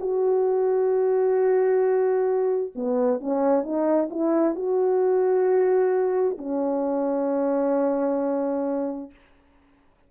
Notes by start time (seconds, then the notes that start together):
0.00 F#4
2.75 B3
3.20 C#4
3.63 D#4
4.10 E4
4.55 F#4
6.38 C#4